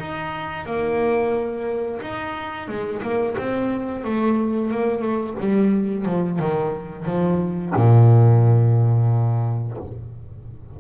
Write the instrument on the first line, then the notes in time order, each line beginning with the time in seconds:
double bass
0.00 D#4
0.66 A#3
2.02 D#4
2.69 G#3
3.03 A#3
3.38 C4
4.04 A3
4.71 A#3
5.02 A3
5.40 G3
6.06 F3
6.40 D#3
7.06 F3
7.76 A#2